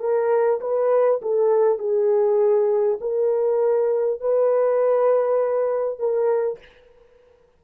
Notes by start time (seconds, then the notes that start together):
0.00 A#4
0.61 B4
1.22 A4
1.79 G#4
3.01 A#4
4.21 B4
5.99 A#4